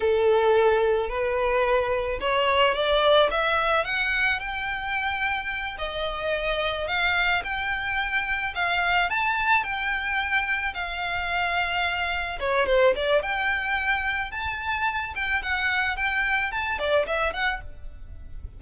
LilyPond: \new Staff \with { instrumentName = "violin" } { \time 4/4 \tempo 4 = 109 a'2 b'2 | cis''4 d''4 e''4 fis''4 | g''2~ g''8 dis''4.~ | dis''8 f''4 g''2 f''8~ |
f''8 a''4 g''2 f''8~ | f''2~ f''8 cis''8 c''8 d''8 | g''2 a''4. g''8 | fis''4 g''4 a''8 d''8 e''8 fis''8 | }